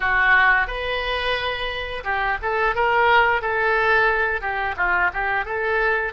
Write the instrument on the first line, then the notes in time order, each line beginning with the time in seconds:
oboe
0.00 F#4
0.67 B4
2.04 G4
2.41 A4
2.75 A#4
3.41 A4
4.41 G4
4.76 F4
5.13 G4
5.45 A4